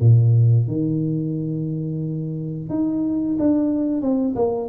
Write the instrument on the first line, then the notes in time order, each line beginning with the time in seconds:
tuba
0.00 A#2
0.67 D#3
2.69 D#4
3.39 D4
4.01 C4
4.35 A#3